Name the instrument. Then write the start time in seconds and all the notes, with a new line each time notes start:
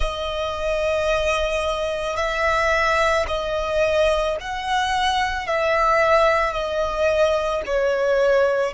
violin
0.00 D#5
2.16 E5
3.27 D#5
4.40 F#5
5.46 E5
6.53 D#5
7.66 C#5